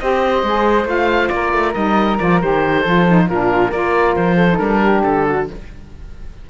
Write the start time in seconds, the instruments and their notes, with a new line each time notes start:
0.00 cello C4, saxophone G4, flute C5, oboe D#5
0.43 cello G#3, saxophone G#4
0.85 cello A3, saxophone F4, oboe F5
1.29 cello A#3, flute A#4, oboe D5
1.53 cello A3
1.74 cello G3, saxophone D#4, oboe D#5
2.19 cello F3, saxophone F4, oboe D5
2.41 cello D#3, saxophone G4, oboe C5
2.81 saxophone F4, flute A4
2.87 cello F3
3.08 saxophone D#4
3.29 cello A#2, saxophone D4, flute F4, oboe A#4
3.70 cello A#3, saxophone F4, flute A#4, oboe D5
4.16 cello F3, oboe C5
4.36 flute A4
4.51 saxophone D#4
4.58 cello G3, saxophone D4, oboe A#4
4.83 flute G4
5.04 cello D3, oboe A4
5.26 flute F#4